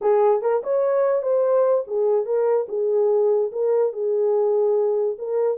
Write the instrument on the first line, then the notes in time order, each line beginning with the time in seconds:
horn
0.01 G#4
0.41 A#4
0.63 C#5
1.22 C5
1.87 G#4
2.25 A#4
2.68 G#4
3.52 A#4
3.92 G#4
5.18 A#4